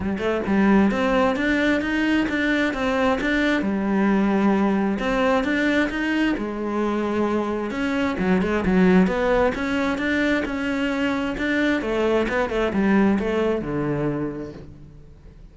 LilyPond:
\new Staff \with { instrumentName = "cello" } { \time 4/4 \tempo 4 = 132 g8 a8 g4 c'4 d'4 | dis'4 d'4 c'4 d'4 | g2. c'4 | d'4 dis'4 gis2~ |
gis4 cis'4 fis8 gis8 fis4 | b4 cis'4 d'4 cis'4~ | cis'4 d'4 a4 b8 a8 | g4 a4 d2 | }